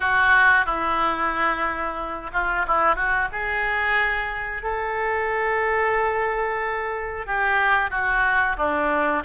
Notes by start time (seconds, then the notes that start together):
0.00 F#4
0.65 E4
2.33 F4
2.67 E4
2.95 F#4
3.32 G#4
4.62 A4
7.26 G4
7.90 F#4
8.57 D4